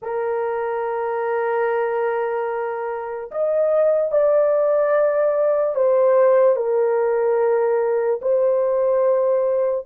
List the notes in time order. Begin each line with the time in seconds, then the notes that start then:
0.01 A#4
3.31 D#5
4.11 D5
5.75 C5
6.56 A#4
8.21 C5